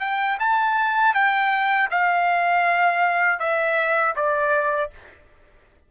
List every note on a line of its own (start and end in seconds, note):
0.00 0.38 G5
0.39 1.14 A5
1.14 1.89 G5
1.90 3.39 F5
3.39 4.14 E5
4.16 4.91 D5